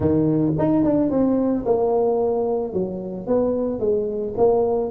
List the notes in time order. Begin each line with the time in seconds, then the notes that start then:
0.00 D#3
0.58 D#4
0.83 D4
1.10 C4
1.65 A#3
2.73 F#3
3.27 B3
3.79 G#3
4.37 A#3